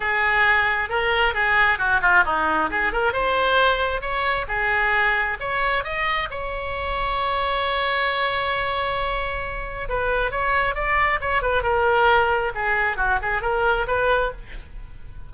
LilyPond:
\new Staff \with { instrumentName = "oboe" } { \time 4/4 \tempo 4 = 134 gis'2 ais'4 gis'4 | fis'8 f'8 dis'4 gis'8 ais'8 c''4~ | c''4 cis''4 gis'2 | cis''4 dis''4 cis''2~ |
cis''1~ | cis''2 b'4 cis''4 | d''4 cis''8 b'8 ais'2 | gis'4 fis'8 gis'8 ais'4 b'4 | }